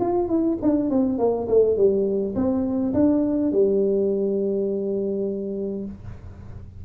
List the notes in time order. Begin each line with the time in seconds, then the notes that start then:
0.00 F4
0.28 E4
0.62 D4
0.90 C4
1.18 A#3
1.48 A3
1.77 G3
2.35 C4
2.93 D4
3.52 G3